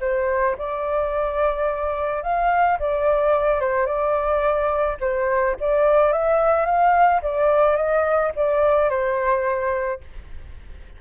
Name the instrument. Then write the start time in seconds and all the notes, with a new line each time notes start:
flute
0.00 C5
0.57 D5
2.22 F5
2.79 D5
3.60 C5
3.85 D5
5.00 C5
5.60 D5
6.12 E5
6.65 F5
7.22 D5
7.76 D#5
8.35 D5
8.89 C5